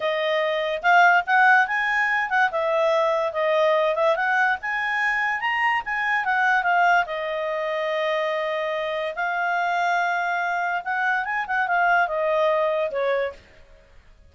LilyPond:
\new Staff \with { instrumentName = "clarinet" } { \time 4/4 \tempo 4 = 144 dis''2 f''4 fis''4 | gis''4. fis''8 e''2 | dis''4. e''8 fis''4 gis''4~ | gis''4 ais''4 gis''4 fis''4 |
f''4 dis''2.~ | dis''2 f''2~ | f''2 fis''4 gis''8 fis''8 | f''4 dis''2 cis''4 | }